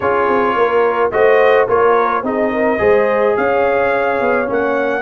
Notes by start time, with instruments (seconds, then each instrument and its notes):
0.00 tuba C#4, trombone F4, horn G#4, trumpet C#5
0.27 tuba C4
0.55 tuba A#3, horn A#4
1.11 tuba A3, trombone F#4, horn C5, trumpet D#5
1.68 tuba A#3, trombone F4, horn A#4, trumpet C#5
2.22 tuba C4, trombone D#4, horn G#4, trumpet D#5
2.52 horn A#4
2.78 tuba G#3, trombone G#4, horn C5
3.36 tuba C#4, horn C#5, trumpet F5
4.20 tuba B3
4.46 tuba A#3, trombone C#4, trumpet F#5